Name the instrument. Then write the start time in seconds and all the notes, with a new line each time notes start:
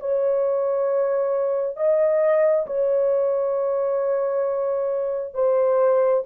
horn
0.00 C#5
1.77 D#5
2.67 C#5
5.34 C5